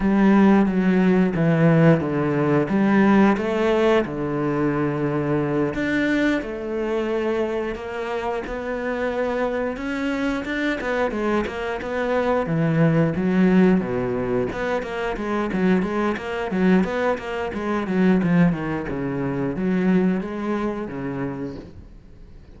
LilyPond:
\new Staff \with { instrumentName = "cello" } { \time 4/4 \tempo 4 = 89 g4 fis4 e4 d4 | g4 a4 d2~ | d8 d'4 a2 ais8~ | ais8 b2 cis'4 d'8 |
b8 gis8 ais8 b4 e4 fis8~ | fis8 b,4 b8 ais8 gis8 fis8 gis8 | ais8 fis8 b8 ais8 gis8 fis8 f8 dis8 | cis4 fis4 gis4 cis4 | }